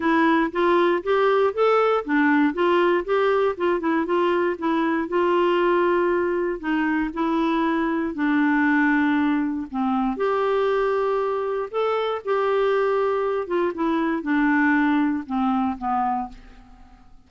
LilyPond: \new Staff \with { instrumentName = "clarinet" } { \time 4/4 \tempo 4 = 118 e'4 f'4 g'4 a'4 | d'4 f'4 g'4 f'8 e'8 | f'4 e'4 f'2~ | f'4 dis'4 e'2 |
d'2. c'4 | g'2. a'4 | g'2~ g'8 f'8 e'4 | d'2 c'4 b4 | }